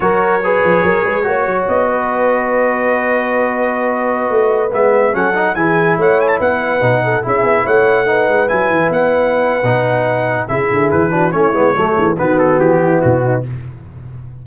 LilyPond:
<<
  \new Staff \with { instrumentName = "trumpet" } { \time 4/4 \tempo 4 = 143 cis''1 | dis''1~ | dis''2.~ dis''16 e''8.~ | e''16 fis''4 gis''4 fis''8 gis''16 a''16 fis''8.~ |
fis''4~ fis''16 e''4 fis''4.~ fis''16~ | fis''16 gis''4 fis''2~ fis''8.~ | fis''4 e''4 b'4 cis''4~ | cis''4 b'8 a'8 g'4 fis'4 | }
  \new Staff \with { instrumentName = "horn" } { \time 4/4 ais'4 b'4 ais'8 b'8 cis''4~ | cis''8 b'2.~ b'8~ | b'1~ | b'16 a'4 gis'4 cis''4 b'8.~ |
b'8. a'8 gis'4 cis''4 b'8.~ | b'1~ | b'4 gis'4. fis'8 e'4 | a'8 gis'8 fis'4. e'4 dis'8 | }
  \new Staff \with { instrumentName = "trombone" } { \time 4/4 fis'4 gis'2 fis'4~ | fis'1~ | fis'2.~ fis'16 b8.~ | b16 cis'8 dis'8 e'2~ e'8.~ |
e'16 dis'4 e'2 dis'8.~ | dis'16 e'2~ e'8. dis'4~ | dis'4 e'4. d'8 cis'8 b8 | a4 b2. | }
  \new Staff \with { instrumentName = "tuba" } { \time 4/4 fis4. f8 fis8 gis8 ais8 fis8 | b1~ | b2~ b16 a4 gis8.~ | gis16 fis4 e4 a4 b8.~ |
b16 b,4 cis'8 b8 a4. gis16~ | gis16 fis8 e8 b4.~ b16 b,4~ | b,4 cis8 d8 e4 a8 gis8 | fis8 e8 dis4 e4 b,4 | }
>>